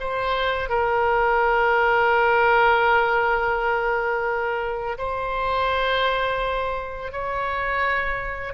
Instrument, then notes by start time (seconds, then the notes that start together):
oboe
0.00 C5
0.69 A#4
4.98 C5
7.12 C#5